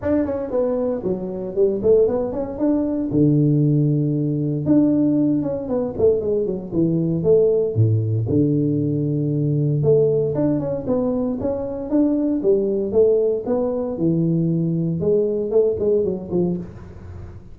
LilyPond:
\new Staff \with { instrumentName = "tuba" } { \time 4/4 \tempo 4 = 116 d'8 cis'8 b4 fis4 g8 a8 | b8 cis'8 d'4 d2~ | d4 d'4. cis'8 b8 a8 | gis8 fis8 e4 a4 a,4 |
d2. a4 | d'8 cis'8 b4 cis'4 d'4 | g4 a4 b4 e4~ | e4 gis4 a8 gis8 fis8 f8 | }